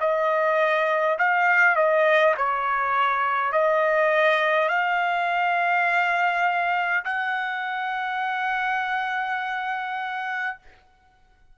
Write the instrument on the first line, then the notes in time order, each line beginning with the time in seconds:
trumpet
0.00 D#5
1.19 F5
1.76 D#5
2.37 C#5
3.52 D#5
4.69 F5
7.05 F#5